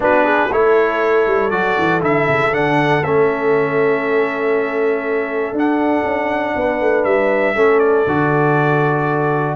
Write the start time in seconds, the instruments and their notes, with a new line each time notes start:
0.00 tuba B3, trombone D4, horn F#4, trumpet B4
0.23 horn G#4
0.50 tuba A3, trombone E4, horn A4, trumpet C#5
1.26 tuba G3
1.50 tuba F#3, trombone F#4, trumpet D5
1.78 tuba E3
2.01 tuba D3, trombone E4, trumpet E5
2.27 tuba C#3
2.51 tuba D3, trombone D4, trumpet F#5
3.02 tuba A3, trombone C#4, trumpet E5
5.52 tuba D4, trombone D4, trumpet F#5
6.04 tuba C#4
6.55 tuba B3, horn B4
6.81 tuba A3
7.04 tuba G3, trumpet E5
7.55 tuba A3, trombone C#4, horn A4
7.79 trumpet D5
8.06 tuba D3, trombone F#4